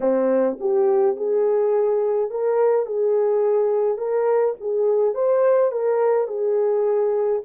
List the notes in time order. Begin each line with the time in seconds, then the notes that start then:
0.00 C4
0.59 G4
1.16 G#4
2.30 A#4
2.86 G#4
3.97 A#4
4.60 G#4
5.14 C5
5.71 A#4
6.27 G#4